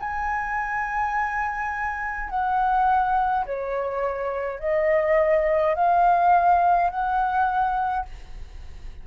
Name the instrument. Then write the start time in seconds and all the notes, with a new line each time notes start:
flute
0.00 G#5
2.30 F#5
3.46 C#5
4.60 D#5
5.75 F5
6.91 F#5